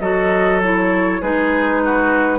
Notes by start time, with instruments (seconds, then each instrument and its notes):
0.00 bassoon F#3, clarinet F#4, oboe A4, flute D#5
0.63 clarinet E4, flute C#5
1.22 bassoon G#3, clarinet D#4, oboe G#4, flute B4
1.85 oboe F#4